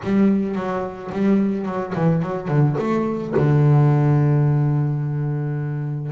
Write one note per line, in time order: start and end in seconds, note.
0.03 0.55 G3
0.55 1.10 F#3
1.12 1.65 G3
1.65 1.93 F#3
1.94 2.22 E3
2.22 2.48 F#3
2.48 2.76 D3
2.78 3.34 A3
3.36 6.11 D3